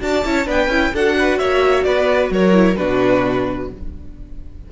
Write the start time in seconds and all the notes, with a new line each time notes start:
0.00 D4 F#4 D5 A5
0.25 C#4 E4 C#5
0.46 B3 D4 B4 G5
0.68 C#4 E4
0.94 D4 F#4 A4 F#5
1.19 B4
1.39 A#3 C#5 E5
1.84 B3 B4 D5
2.30 F#3 A#4 C#5
2.53 E4
2.77 B2 D4 F#4 B4